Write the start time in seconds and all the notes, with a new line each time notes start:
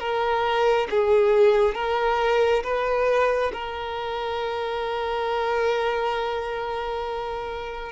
0.00 A#4
0.91 G#4
1.75 A#4
2.64 B4
3.53 A#4